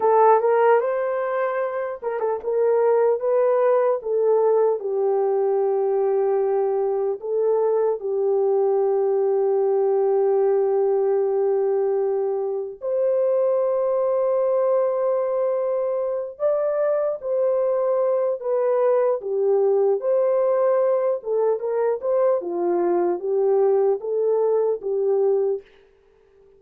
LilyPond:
\new Staff \with { instrumentName = "horn" } { \time 4/4 \tempo 4 = 75 a'8 ais'8 c''4. ais'16 a'16 ais'4 | b'4 a'4 g'2~ | g'4 a'4 g'2~ | g'1 |
c''1~ | c''8 d''4 c''4. b'4 | g'4 c''4. a'8 ais'8 c''8 | f'4 g'4 a'4 g'4 | }